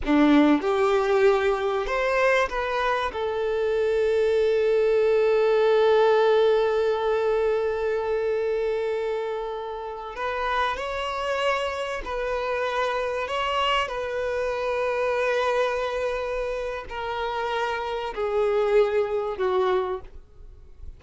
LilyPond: \new Staff \with { instrumentName = "violin" } { \time 4/4 \tempo 4 = 96 d'4 g'2 c''4 | b'4 a'2.~ | a'1~ | a'1~ |
a'16 b'4 cis''2 b'8.~ | b'4~ b'16 cis''4 b'4.~ b'16~ | b'2. ais'4~ | ais'4 gis'2 fis'4 | }